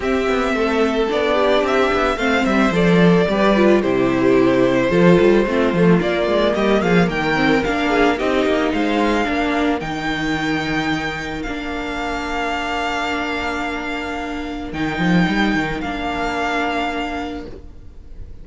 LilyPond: <<
  \new Staff \with { instrumentName = "violin" } { \time 4/4 \tempo 4 = 110 e''2 d''4 e''4 | f''8 e''8 d''2 c''4~ | c''2. d''4 | dis''8 f''8 g''4 f''4 dis''4 |
f''2 g''2~ | g''4 f''2.~ | f''2. g''4~ | g''4 f''2. | }
  \new Staff \with { instrumentName = "violin" } { \time 4/4 g'4 a'4. g'4. | c''2 b'4 g'4~ | g'4 a'4 f'2 | g'8 gis'8 ais'4. gis'8 g'4 |
c''4 ais'2.~ | ais'1~ | ais'1~ | ais'1 | }
  \new Staff \with { instrumentName = "viola" } { \time 4/4 c'2 d'2 | c'4 a'4 g'8 f'8 e'4~ | e'4 f'4 c'8 a8 ais4~ | ais4. c'8 d'4 dis'4~ |
dis'4 d'4 dis'2~ | dis'4 d'2.~ | d'2. dis'4~ | dis'4 d'2. | }
  \new Staff \with { instrumentName = "cello" } { \time 4/4 c'8 b8 a4 b4 c'8 b8 | a8 g8 f4 g4 c4~ | c4 f8 g8 a8 f8 ais8 gis8 | g8 f8 dis4 ais4 c'8 ais8 |
gis4 ais4 dis2~ | dis4 ais2.~ | ais2. dis8 f8 | g8 dis8 ais2. | }
>>